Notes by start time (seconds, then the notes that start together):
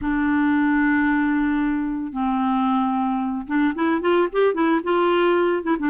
0.01 D4
2.12 C4
3.47 D4
3.75 E4
4.01 F4
4.32 G4
4.54 E4
4.83 F4
5.63 E4
5.79 D4